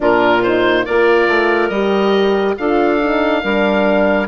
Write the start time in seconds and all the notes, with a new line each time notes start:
0.00 A#2 D4 F4 A#4
0.42 D#4 C5
0.84 A#3 F4 A#4 D5
1.27 A3
1.69 G3 G4 D#5
2.57 D4 F4 A4 F5
3.00 D#4
3.42 G3 D4 A#4